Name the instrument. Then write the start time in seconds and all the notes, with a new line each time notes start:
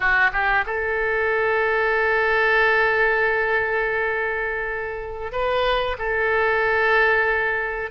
oboe
0.00 F#4
0.32 G4
0.66 A4
5.32 B4
5.98 A4